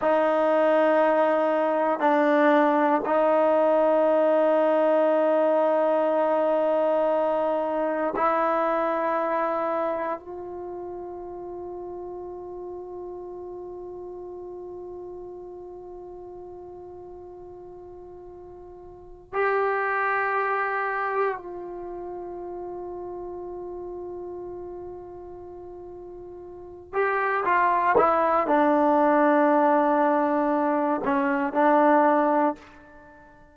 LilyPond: \new Staff \with { instrumentName = "trombone" } { \time 4/4 \tempo 4 = 59 dis'2 d'4 dis'4~ | dis'1 | e'2 f'2~ | f'1~ |
f'2. g'4~ | g'4 f'2.~ | f'2~ f'8 g'8 f'8 e'8 | d'2~ d'8 cis'8 d'4 | }